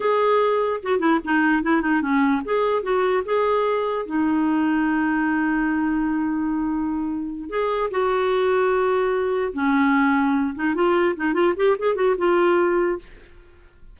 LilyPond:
\new Staff \with { instrumentName = "clarinet" } { \time 4/4 \tempo 4 = 148 gis'2 fis'8 e'8 dis'4 | e'8 dis'8 cis'4 gis'4 fis'4 | gis'2 dis'2~ | dis'1~ |
dis'2~ dis'8 gis'4 fis'8~ | fis'2.~ fis'8 cis'8~ | cis'2 dis'8 f'4 dis'8 | f'8 g'8 gis'8 fis'8 f'2 | }